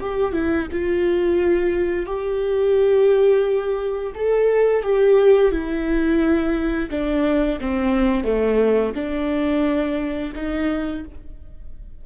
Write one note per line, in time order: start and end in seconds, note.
0.00 0.33 G4
0.33 0.67 E4
0.71 2.06 F4
2.06 4.13 G4
4.14 4.82 A4
4.82 5.51 G4
5.51 6.89 E4
6.90 7.59 D4
7.60 8.24 C4
8.24 8.93 A3
8.94 10.32 D4
10.35 11.04 D#4